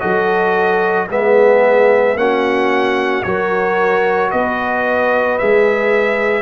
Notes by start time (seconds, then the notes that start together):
0.00 F#3 F#4 A4 D#5
1.10 G#3 B3 G#4 E5
2.16 A#3 C#4 F#4 F#5
3.23 F#3 F#4 A#4 C#5
4.30 B3 B4 D#5
5.39 G#3 G#4 E5